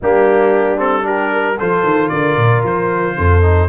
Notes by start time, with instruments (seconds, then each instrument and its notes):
0.01 tuba G3, trombone A#3, horn D4, trumpet G4
0.77 trombone C4, trumpet A4
1.02 trombone D4, horn G4, trumpet A#4
1.32 horn A#4
1.58 tuba F3, trombone F4, horn A4, trumpet C5
1.83 tuba D#3
2.08 tuba D3, horn A#4, trumpet D5
2.36 tuba A#2
2.63 tuba F3, trumpet C5
3.17 tuba F2, horn A4
3.42 trombone D#4